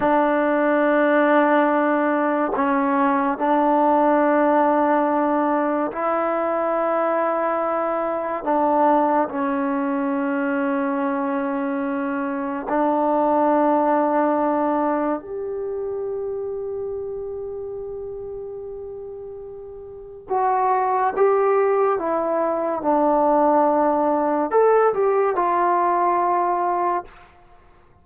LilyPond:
\new Staff \with { instrumentName = "trombone" } { \time 4/4 \tempo 4 = 71 d'2. cis'4 | d'2. e'4~ | e'2 d'4 cis'4~ | cis'2. d'4~ |
d'2 g'2~ | g'1 | fis'4 g'4 e'4 d'4~ | d'4 a'8 g'8 f'2 | }